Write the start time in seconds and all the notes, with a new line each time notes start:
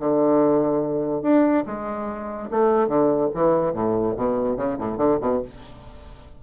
0.00 D3
1.23 D4
1.67 G#3
2.51 A3
2.88 D3
3.34 E3
3.73 A2
4.17 B2
4.57 C#3
4.79 A2
4.98 D3
5.21 B2